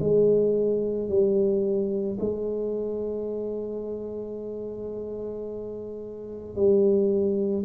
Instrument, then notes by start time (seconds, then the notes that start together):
tuba
0.00 G#3
1.09 G3
2.20 G#3
6.56 G3